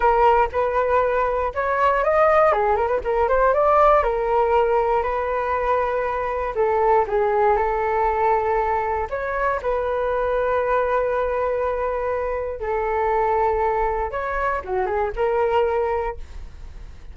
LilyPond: \new Staff \with { instrumentName = "flute" } { \time 4/4 \tempo 4 = 119 ais'4 b'2 cis''4 | dis''4 gis'8 ais'16 b'16 ais'8 c''8 d''4 | ais'2 b'2~ | b'4 a'4 gis'4 a'4~ |
a'2 cis''4 b'4~ | b'1~ | b'4 a'2. | cis''4 fis'8 gis'8 ais'2 | }